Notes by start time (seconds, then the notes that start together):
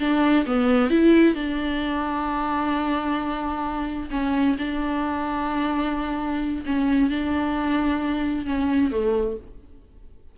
0.00 D4
0.47 B3
0.91 E4
1.35 D4
4.11 C#4
4.58 D4
6.66 C#4
7.10 D4
8.46 C#4
8.91 A3